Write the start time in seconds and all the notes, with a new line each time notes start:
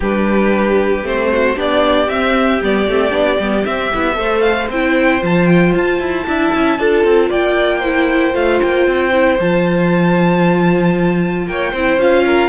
0.00 G3 D4 G4 B4
1.03 A3 C4 C5
1.31 F#4
1.56 B3 D4 G4 D5
2.06 C4 E5
2.62 G3 B3 D5
2.87 A3 C4
3.10 B3 D4
3.39 G3 B3
3.64 C4 E5
3.94 B3 E4
4.14 A3 A4 C5
4.41 F5
4.69 C4 E4 G5
5.20 F3 F4 A5
5.46 G5
5.75 F4 A5
5.99 E4
6.26 D4 E4 E5
6.53 C#4
6.78 D4 F4 A4
7.03 C4
7.29 A#3 D5 G5
7.79 E4 C5
8.32 A3 F4 F5
8.61 A#3 G5
8.86 C4
9.12 E4
9.39 F3 F4 A5
11.46 A#3 C#5 G5
11.72 C4 E4 C5
11.96 C#4 F4 F5
12.25 A#4